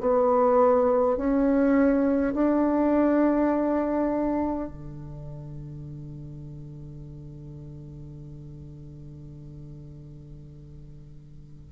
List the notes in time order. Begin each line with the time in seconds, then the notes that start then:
0.00 B3
1.17 C#4
2.34 D4
4.68 D3